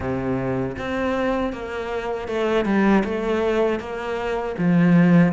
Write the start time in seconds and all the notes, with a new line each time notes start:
0.00 C3
0.78 C4
1.52 A#3
2.28 A3
2.65 G3
3.04 A3
3.79 A#3
4.58 F3